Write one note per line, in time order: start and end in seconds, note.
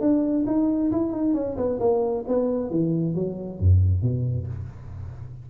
0.00 0.45 D4
0.46 0.91 D#4
0.91 1.12 E4
1.12 1.34 D#4
1.34 1.56 C#4
1.57 1.79 B3
1.79 2.24 A#3
2.27 2.70 B3
2.70 3.15 E3
3.15 3.59 F#3
3.59 4.02 F#2
4.02 4.47 B2